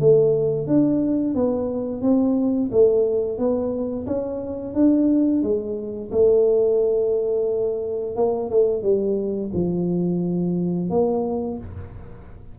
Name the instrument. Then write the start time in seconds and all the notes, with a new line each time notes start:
tuba
0.00 A3
0.67 D4
1.35 B3
2.02 C4
2.72 A3
3.38 B3
4.07 C#4
4.74 D4
5.43 G#3
6.12 A3
8.16 A#3
8.50 A3
8.83 G3
9.54 F3
10.90 A#3